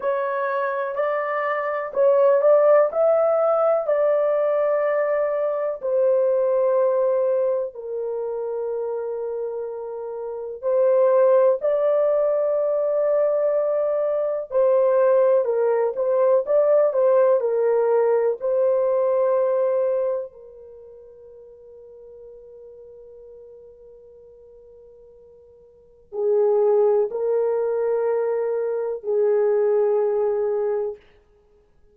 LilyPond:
\new Staff \with { instrumentName = "horn" } { \time 4/4 \tempo 4 = 62 cis''4 d''4 cis''8 d''8 e''4 | d''2 c''2 | ais'2. c''4 | d''2. c''4 |
ais'8 c''8 d''8 c''8 ais'4 c''4~ | c''4 ais'2.~ | ais'2. gis'4 | ais'2 gis'2 | }